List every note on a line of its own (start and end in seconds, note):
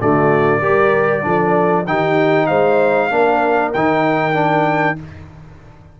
0.00 0.60 D3
0.00 0.62 A3
0.00 0.61 F#4
0.00 1.86 D5
0.60 1.23 G3
0.60 1.22 G4
0.60 1.23 A#4
1.22 1.87 F3
1.22 1.84 D4
1.22 1.86 A4
1.86 2.49 D#3
1.86 3.10 D#4
1.86 2.47 G4
1.86 2.46 G5
2.46 3.11 G#3
2.46 3.09 C5
2.46 3.71 F5
3.10 3.73 A#3
3.10 3.73 D4
3.10 4.99 A#4
3.73 4.99 D#3
3.73 4.33 D#4
3.73 4.98 G5
4.33 4.95 D4